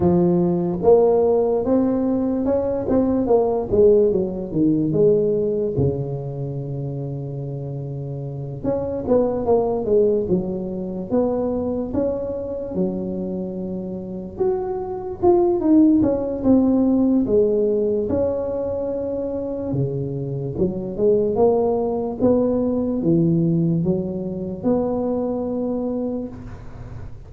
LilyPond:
\new Staff \with { instrumentName = "tuba" } { \time 4/4 \tempo 4 = 73 f4 ais4 c'4 cis'8 c'8 | ais8 gis8 fis8 dis8 gis4 cis4~ | cis2~ cis8 cis'8 b8 ais8 | gis8 fis4 b4 cis'4 fis8~ |
fis4. fis'4 f'8 dis'8 cis'8 | c'4 gis4 cis'2 | cis4 fis8 gis8 ais4 b4 | e4 fis4 b2 | }